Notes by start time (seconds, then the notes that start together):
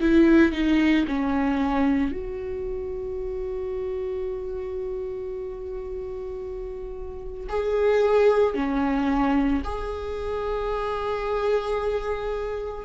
0.00 E4
0.52 D#4
1.08 C#4
2.11 F#4
7.49 G#4
8.55 C#4
9.64 G#4